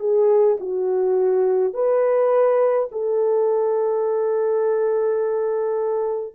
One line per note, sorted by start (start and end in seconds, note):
0.00 0.58 G#4
0.60 1.74 F#4
1.74 2.90 B4
2.92 6.35 A4